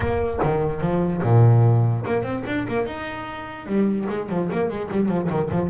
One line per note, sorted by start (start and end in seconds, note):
0.00 0.39 A#3
0.42 0.81 D#3
0.81 1.22 F3
1.22 2.04 A#2
2.06 2.22 A#3
2.22 2.43 C4
2.46 2.67 D4
2.68 2.86 A#3
2.86 3.66 D#4
3.66 4.07 G3
4.09 4.29 G#3
4.29 4.49 F3
4.52 4.69 A#3
4.69 4.89 G#3
4.91 5.08 G3
5.08 5.29 F3
5.29 5.50 D#3
5.50 5.70 F3